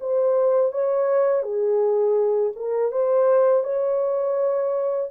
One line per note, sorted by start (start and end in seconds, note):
0.00 0.72 C5
0.72 1.42 C#5
1.42 2.52 G#4
2.55 2.91 A#4
2.91 3.64 C5
3.64 5.10 C#5